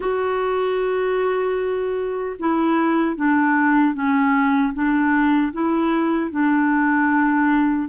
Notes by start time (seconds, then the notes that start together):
0.00 F#4
2.39 E4
3.15 D4
3.94 C#4
4.73 D4
5.52 E4
6.31 D4